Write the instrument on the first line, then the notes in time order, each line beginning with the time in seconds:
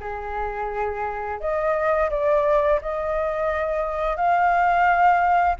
flute
0.00 G#4
1.40 D#5
2.10 D5
2.81 D#5
4.16 F5